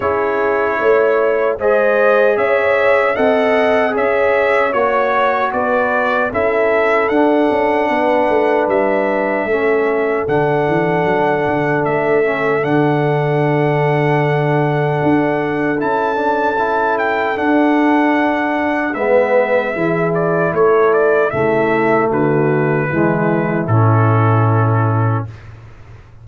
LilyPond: <<
  \new Staff \with { instrumentName = "trumpet" } { \time 4/4 \tempo 4 = 76 cis''2 dis''4 e''4 | fis''4 e''4 cis''4 d''4 | e''4 fis''2 e''4~ | e''4 fis''2 e''4 |
fis''1 | a''4. g''8 fis''2 | e''4. d''8 cis''8 d''8 e''4 | b'2 a'2 | }
  \new Staff \with { instrumentName = "horn" } { \time 4/4 gis'4 cis''4 c''4 cis''4 | dis''4 cis''2 b'4 | a'2 b'2 | a'1~ |
a'1~ | a'1 | b'4 gis'4 a'4 e'4 | fis'4 e'2. | }
  \new Staff \with { instrumentName = "trombone" } { \time 4/4 e'2 gis'2 | a'4 gis'4 fis'2 | e'4 d'2. | cis'4 d'2~ d'8 cis'8 |
d'1 | e'8 d'8 e'4 d'2 | b4 e'2 a4~ | a4 gis4 cis'2 | }
  \new Staff \with { instrumentName = "tuba" } { \time 4/4 cis'4 a4 gis4 cis'4 | c'4 cis'4 ais4 b4 | cis'4 d'8 cis'8 b8 a8 g4 | a4 d8 e8 fis8 d8 a4 |
d2. d'4 | cis'2 d'2 | gis4 e4 a4 cis4 | d4 e4 a,2 | }
>>